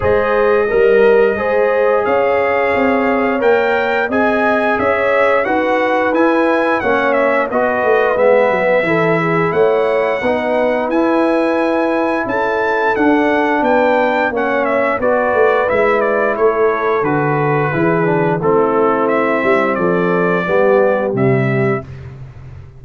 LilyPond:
<<
  \new Staff \with { instrumentName = "trumpet" } { \time 4/4 \tempo 4 = 88 dis''2. f''4~ | f''4 g''4 gis''4 e''4 | fis''4 gis''4 fis''8 e''8 dis''4 | e''2 fis''2 |
gis''2 a''4 fis''4 | g''4 fis''8 e''8 d''4 e''8 d''8 | cis''4 b'2 a'4 | e''4 d''2 e''4 | }
  \new Staff \with { instrumentName = "horn" } { \time 4/4 c''4 ais'4 c''4 cis''4~ | cis''2 dis''4 cis''4 | b'2 cis''4 b'4~ | b'4 a'8 gis'8 cis''4 b'4~ |
b'2 a'2 | b'4 cis''4 b'2 | a'2 gis'4 e'4~ | e'4 a'4 g'2 | }
  \new Staff \with { instrumentName = "trombone" } { \time 4/4 gis'4 ais'4 gis'2~ | gis'4 ais'4 gis'2 | fis'4 e'4 cis'4 fis'4 | b4 e'2 dis'4 |
e'2. d'4~ | d'4 cis'4 fis'4 e'4~ | e'4 fis'4 e'8 d'8 c'4~ | c'2 b4 g4 | }
  \new Staff \with { instrumentName = "tuba" } { \time 4/4 gis4 g4 gis4 cis'4 | c'4 ais4 c'4 cis'4 | dis'4 e'4 ais4 b8 a8 | gis8 fis8 e4 a4 b4 |
e'2 cis'4 d'4 | b4 ais4 b8 a8 gis4 | a4 d4 e4 a4~ | a8 g8 f4 g4 c4 | }
>>